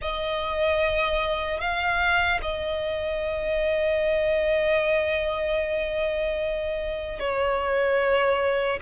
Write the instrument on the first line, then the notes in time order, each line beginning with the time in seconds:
violin
0.01 D#5
1.60 F5
2.42 D#5
7.19 C#5